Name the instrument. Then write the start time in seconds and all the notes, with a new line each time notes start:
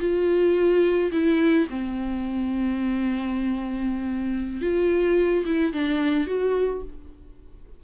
viola
0.00 F4
1.12 E4
1.70 C4
4.61 F4
5.46 E4
5.73 D4
6.27 F#4